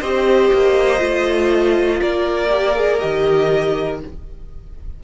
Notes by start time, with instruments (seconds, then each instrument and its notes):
0.00 cello C4, viola G4, violin C5 D#5
0.53 cello A#3
0.98 cello A3, viola F4
2.01 cello A#3, violin A#4 D5
2.50 viola G4
2.75 viola G#4
3.00 cello D#3, viola G4, violin D#5